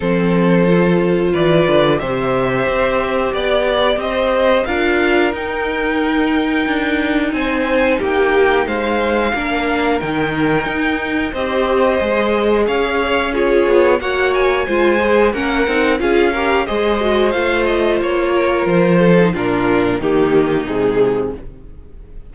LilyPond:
<<
  \new Staff \with { instrumentName = "violin" } { \time 4/4 \tempo 4 = 90 c''2 d''4 e''4~ | e''4 d''4 dis''4 f''4 | g''2. gis''4 | g''4 f''2 g''4~ |
g''4 dis''2 f''4 | cis''4 fis''8 gis''4. fis''4 | f''4 dis''4 f''8 dis''8 cis''4 | c''4 ais'4 g'4 gis'4 | }
  \new Staff \with { instrumentName = "violin" } { \time 4/4 a'2 b'4 c''4~ | c''4 d''4 c''4 ais'4~ | ais'2. c''4 | g'4 c''4 ais'2~ |
ais'4 c''2 cis''4 | gis'4 cis''4 c''4 ais'4 | gis'8 ais'8 c''2~ c''8 ais'8~ | ais'8 a'8 f'4 dis'2 | }
  \new Staff \with { instrumentName = "viola" } { \time 4/4 c'4 f'2 g'4~ | g'2. f'4 | dis'1~ | dis'2 d'4 dis'4~ |
dis'4 g'4 gis'2 | f'4 fis'4 f'8 gis'8 cis'8 dis'8 | f'8 g'8 gis'8 fis'8 f'2~ | f'8. dis'16 d'4 ais4 gis4 | }
  \new Staff \with { instrumentName = "cello" } { \time 4/4 f2 e8 d8 c4 | c'4 b4 c'4 d'4 | dis'2 d'4 c'4 | ais4 gis4 ais4 dis4 |
dis'4 c'4 gis4 cis'4~ | cis'8 b8 ais4 gis4 ais8 c'8 | cis'4 gis4 a4 ais4 | f4 ais,4 dis4 c4 | }
>>